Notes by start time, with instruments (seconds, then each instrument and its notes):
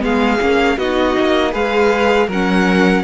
0.00 cello G#3, viola B3, violin G#4 F5
0.41 cello A#3, viola C#4
0.77 cello B3, viola D#4, violin F#4 D#5
1.20 cello A#3
1.52 cello G#3, viola G#4, violin B4 F5
2.28 cello F#3, viola C#4, violin A#4 F#5